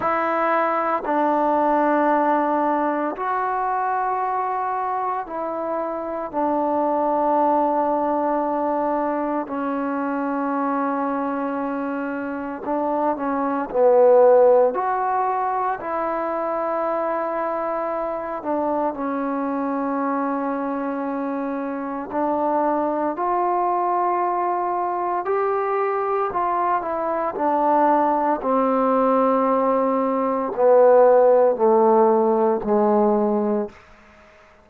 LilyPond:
\new Staff \with { instrumentName = "trombone" } { \time 4/4 \tempo 4 = 57 e'4 d'2 fis'4~ | fis'4 e'4 d'2~ | d'4 cis'2. | d'8 cis'8 b4 fis'4 e'4~ |
e'4. d'8 cis'2~ | cis'4 d'4 f'2 | g'4 f'8 e'8 d'4 c'4~ | c'4 b4 a4 gis4 | }